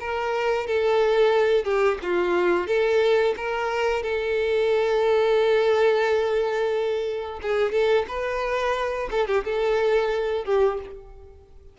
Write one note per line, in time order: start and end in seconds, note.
0.00 0.67 A#4
0.67 1.64 A4
1.64 1.98 G4
2.03 2.67 F4
2.67 3.35 A4
3.37 4.03 A#4
4.03 7.40 A4
7.42 7.72 G#4
7.72 8.06 A4
8.08 9.09 B4
9.11 9.27 A4
9.27 9.44 G4
9.44 10.45 A4
10.45 10.79 G4